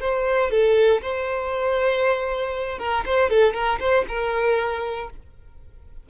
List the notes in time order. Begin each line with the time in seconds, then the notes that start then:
0.00 C5
0.51 A4
1.02 C5
2.79 A#4
3.05 C5
3.30 A4
3.54 A#4
3.80 C5
4.08 A#4